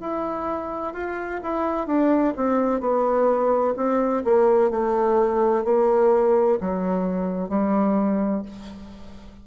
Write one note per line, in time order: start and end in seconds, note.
0.00 0.93 E4
0.93 1.40 F4
1.42 1.87 E4
1.87 2.34 D4
2.36 2.80 C4
2.80 3.74 B3
3.76 4.23 C4
4.24 4.70 A#3
4.70 5.64 A3
5.64 6.58 A#3
6.60 7.48 F#3
7.48 8.42 G3